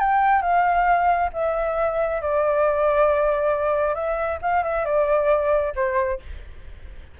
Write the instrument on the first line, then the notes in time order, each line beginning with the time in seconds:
flute
0.00 G5
0.42 F5
1.33 E5
2.21 D5
3.95 E5
4.42 F5
4.64 E5
4.85 D5
5.76 C5